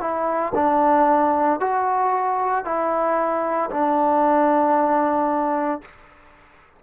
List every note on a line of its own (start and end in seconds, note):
0.00 0.53 E4
0.54 1.59 D4
1.59 2.65 F#4
2.65 3.70 E4
3.70 5.81 D4